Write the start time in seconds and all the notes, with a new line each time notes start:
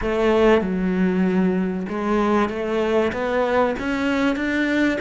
0.01 A3
0.61 F#3
1.89 G#3
2.49 A3
3.12 B3
3.79 C#4
4.36 D4